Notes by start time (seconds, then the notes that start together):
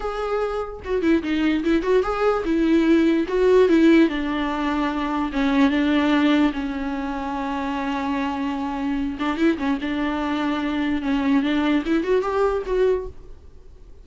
0.00 G#4
0.84 F#4
1.01 E4
1.22 D#4
1.64 E4
1.82 F#4
2.02 G#4
2.45 E4
3.28 F#4
3.68 E4
4.09 D4
5.32 C#4
5.70 D4
6.52 C#4
9.19 D4
9.37 E4
9.58 C#4
9.81 D4
11.02 C#4
11.42 D4
11.85 E4
12.03 F#4
12.22 G4
12.65 F#4